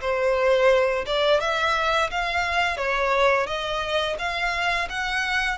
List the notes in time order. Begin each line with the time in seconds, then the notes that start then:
0.00 C5
1.06 D5
1.40 E5
2.10 F5
2.77 C#5
3.46 D#5
4.18 F5
4.89 F#5